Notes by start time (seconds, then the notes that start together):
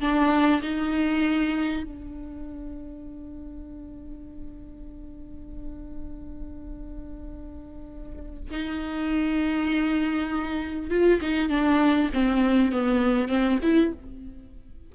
0.00 D4
0.62 D#4
1.83 D4
8.50 D#4
10.90 F4
11.21 D#4
11.49 D4
12.13 C4
12.72 B3
13.28 C4
13.62 E4